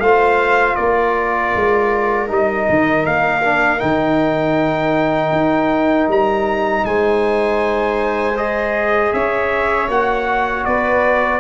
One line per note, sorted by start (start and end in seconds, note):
0.00 0.76 A3
0.00 2.28 F4
0.00 0.77 C5
0.00 0.76 F5
0.76 1.54 A#3
0.76 6.84 A#4
0.76 2.28 D5
1.55 2.30 G#3
2.28 2.68 G3
2.28 3.41 D#4
2.28 3.06 D#5
2.69 3.06 D#3
3.06 3.81 A#3
3.06 3.80 F5
3.42 3.79 D4
3.79 5.31 D#3
3.79 8.34 D#4
3.79 6.08 G5
5.31 6.07 D#4
6.08 6.84 G3
6.08 6.85 A#5
6.84 9.12 G#3
6.84 9.15 C5
6.84 8.37 G#5
8.37 9.88 G#4
8.37 9.13 D#5
9.13 9.88 C#4
9.13 10.67 C#5
9.13 9.89 E5
9.88 10.64 A#3
9.88 11.40 F#4
9.88 10.65 F#5
10.65 11.40 B3
10.65 11.40 B4
10.65 11.40 D5